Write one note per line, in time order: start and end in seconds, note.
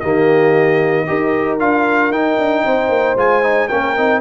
0.00 1.09 D#3
0.00 1.07 A#3
0.00 1.07 G4
0.00 1.58 D#5
1.07 1.61 D#4
1.07 1.60 G4
1.07 2.65 A#4
1.60 2.11 D4
1.60 2.13 F4
1.60 2.12 F5
2.11 2.37 D#4
2.11 3.17 D#4
2.11 3.18 G5
2.38 2.65 D4
2.65 2.89 C4
2.65 3.69 C5
2.89 3.15 A#3
3.16 3.68 G#3
3.16 3.43 F4
3.16 3.68 G#5
3.43 3.69 D#4
3.68 3.98 A#3
3.68 3.97 C#4
3.68 4.21 A#4
3.68 4.21 G5
3.97 4.21 C4
3.97 4.21 D#4